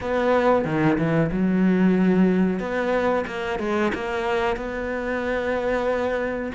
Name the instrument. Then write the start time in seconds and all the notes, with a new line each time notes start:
cello
0.01 B3
0.64 D#3
0.98 E3
1.32 F#3
2.59 B3
3.26 A#3
3.59 G#3
3.94 A#3
4.56 B3